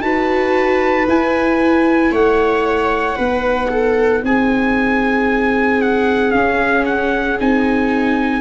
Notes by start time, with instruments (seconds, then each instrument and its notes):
0.00 tuba D#4, viola F#4 B4, trumpet A5
1.07 tuba E4, viola E4, trumpet G#5
2.11 tuba A3, viola C#5, trumpet F#5
3.16 tuba B3, viola D#4 B4
3.70 viola A4
4.23 tuba C4, viola G#4, trumpet G#5
5.81 trumpet F#5
6.31 viola C#4, tuba C#4, trumpet F5
6.85 trumpet F#5
7.40 tuba C4, viola D#4, trumpet G#5